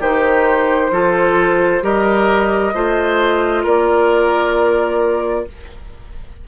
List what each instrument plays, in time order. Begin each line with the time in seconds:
0.00 bassoon D#3, clarinet D#4, oboe G4, flute C5
0.91 bassoon F3, clarinet F4, oboe A4
1.82 bassoon G3, clarinet G4, oboe A#4, flute D#5
2.74 bassoon A3, clarinet F4, oboe C5
3.64 bassoon A#3, oboe A#4, flute D5